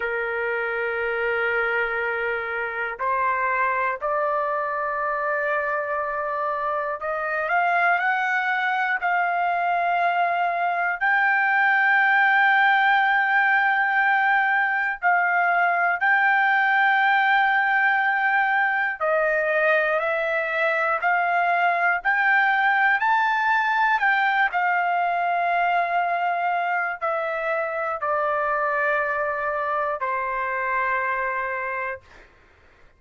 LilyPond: \new Staff \with { instrumentName = "trumpet" } { \time 4/4 \tempo 4 = 60 ais'2. c''4 | d''2. dis''8 f''8 | fis''4 f''2 g''4~ | g''2. f''4 |
g''2. dis''4 | e''4 f''4 g''4 a''4 | g''8 f''2~ f''8 e''4 | d''2 c''2 | }